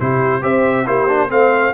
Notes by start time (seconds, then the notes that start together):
0.00 C3 E4 G4 C5
0.42 C4 G4 C5 E5
0.85 A#3 E4 G4 C5
1.08 D4
1.29 A3 C4 C5 F5